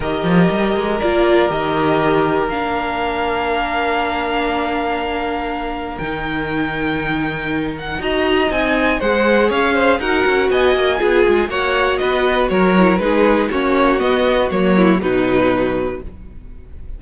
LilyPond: <<
  \new Staff \with { instrumentName = "violin" } { \time 4/4 \tempo 4 = 120 dis''2 d''4 dis''4~ | dis''4 f''2.~ | f''1 | g''2.~ g''8 fis''8 |
ais''4 gis''4 fis''4 f''4 | fis''4 gis''2 fis''4 | dis''4 cis''4 b'4 cis''4 | dis''4 cis''4 b'2 | }
  \new Staff \with { instrumentName = "violin" } { \time 4/4 ais'1~ | ais'1~ | ais'1~ | ais'1 |
dis''2 c''4 cis''8 c''8 | ais'4 dis''4 gis'4 cis''4 | b'4 ais'4 gis'4 fis'4~ | fis'4. e'8 dis'2 | }
  \new Staff \with { instrumentName = "viola" } { \time 4/4 g'2 f'4 g'4~ | g'4 d'2.~ | d'1 | dis'1 |
fis'4 dis'4 gis'2 | fis'2 f'4 fis'4~ | fis'4. e'8 dis'4 cis'4 | b4 ais4 fis2 | }
  \new Staff \with { instrumentName = "cello" } { \time 4/4 dis8 f8 g8 gis8 ais4 dis4~ | dis4 ais2.~ | ais1 | dis1 |
dis'4 c'4 gis4 cis'4 | dis'8 cis'8 b8 ais8 b8 gis8 ais4 | b4 fis4 gis4 ais4 | b4 fis4 b,2 | }
>>